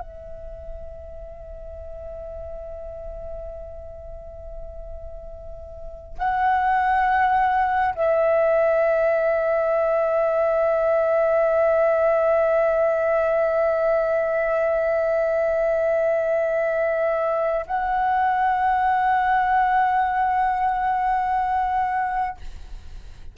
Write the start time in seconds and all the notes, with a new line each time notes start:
0.00 E5
6.19 F#5
7.95 E5
17.67 F#5